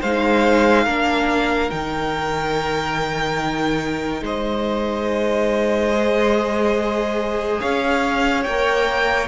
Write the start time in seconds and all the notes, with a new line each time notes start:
0.00 G#3 D#4 C5 F5
0.84 A#3 D4 A#4
1.69 D#3 D#4 G5
4.21 G#3 C5 D#5
5.92 G#4
7.60 C#4 C#5 F5
8.43 A#3 A#4 G5